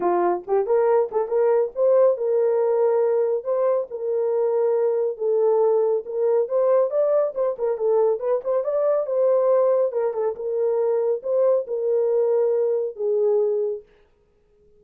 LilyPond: \new Staff \with { instrumentName = "horn" } { \time 4/4 \tempo 4 = 139 f'4 g'8 ais'4 a'8 ais'4 | c''4 ais'2. | c''4 ais'2. | a'2 ais'4 c''4 |
d''4 c''8 ais'8 a'4 b'8 c''8 | d''4 c''2 ais'8 a'8 | ais'2 c''4 ais'4~ | ais'2 gis'2 | }